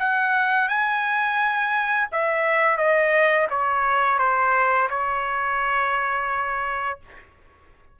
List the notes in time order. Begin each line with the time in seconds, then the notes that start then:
0.00 F#5
0.69 G#5
2.12 E5
2.78 D#5
3.50 C#5
4.19 C5
4.90 C#5